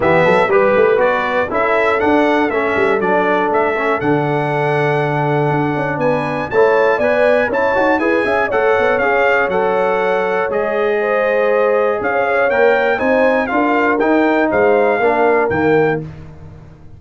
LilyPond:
<<
  \new Staff \with { instrumentName = "trumpet" } { \time 4/4 \tempo 4 = 120 e''4 b'4 d''4 e''4 | fis''4 e''4 d''4 e''4 | fis''1 | gis''4 a''4 gis''4 a''4 |
gis''4 fis''4 f''4 fis''4~ | fis''4 dis''2. | f''4 g''4 gis''4 f''4 | g''4 f''2 g''4 | }
  \new Staff \with { instrumentName = "horn" } { \time 4/4 g'8 a'8 b'2 a'4~ | a'1~ | a'1 | b'4 cis''4 d''4 cis''4 |
b'8 e''8 cis''2.~ | cis''2 c''2 | cis''2 c''4 ais'4~ | ais'4 c''4 ais'2 | }
  \new Staff \with { instrumentName = "trombone" } { \time 4/4 b4 g'4 fis'4 e'4 | d'4 cis'4 d'4. cis'8 | d'1~ | d'4 e'4 b'4 e'8 fis'8 |
gis'4 a'4 gis'4 a'4~ | a'4 gis'2.~ | gis'4 ais'4 dis'4 f'4 | dis'2 d'4 ais4 | }
  \new Staff \with { instrumentName = "tuba" } { \time 4/4 e8 fis8 g8 a8 b4 cis'4 | d'4 a8 g8 fis4 a4 | d2. d'8 cis'8 | b4 a4 b4 cis'8 dis'8 |
e'8 cis'8 a8 b8 cis'4 fis4~ | fis4 gis2. | cis'4 ais4 c'4 d'4 | dis'4 gis4 ais4 dis4 | }
>>